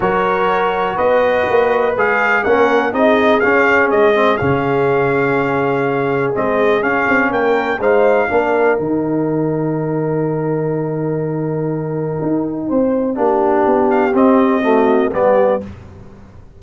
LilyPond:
<<
  \new Staff \with { instrumentName = "trumpet" } { \time 4/4 \tempo 4 = 123 cis''2 dis''2 | f''4 fis''4 dis''4 f''4 | dis''4 f''2.~ | f''4 dis''4 f''4 g''4 |
f''2 g''2~ | g''1~ | g''1~ | g''8 f''8 dis''2 d''4 | }
  \new Staff \with { instrumentName = "horn" } { \time 4/4 ais'2 b'2~ | b'4 ais'4 gis'2~ | gis'1~ | gis'2. ais'4 |
c''4 ais'2.~ | ais'1~ | ais'2 c''4 g'4~ | g'2 fis'4 g'4 | }
  \new Staff \with { instrumentName = "trombone" } { \time 4/4 fis'1 | gis'4 cis'4 dis'4 cis'4~ | cis'8 c'8 cis'2.~ | cis'4 c'4 cis'2 |
dis'4 d'4 dis'2~ | dis'1~ | dis'2. d'4~ | d'4 c'4 a4 b4 | }
  \new Staff \with { instrumentName = "tuba" } { \time 4/4 fis2 b4 ais4 | gis4 ais4 c'4 cis'4 | gis4 cis2.~ | cis4 gis4 cis'8 c'8 ais4 |
gis4 ais4 dis2~ | dis1~ | dis4 dis'4 c'4 ais4 | b4 c'2 g4 | }
>>